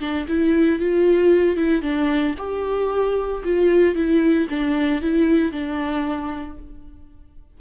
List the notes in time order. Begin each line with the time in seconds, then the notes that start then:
0.00 D4
0.28 E4
0.79 F4
1.56 E4
1.82 D4
2.38 G4
3.44 F4
3.95 E4
4.50 D4
5.01 E4
5.52 D4